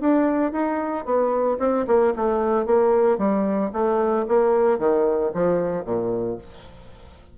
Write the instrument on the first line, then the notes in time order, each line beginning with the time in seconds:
bassoon
0.00 D4
0.52 D#4
1.05 B3
1.59 C4
1.87 A#3
2.16 A3
2.65 A#3
3.18 G3
3.72 A3
4.28 A#3
4.79 D#3
5.34 F3
5.85 A#2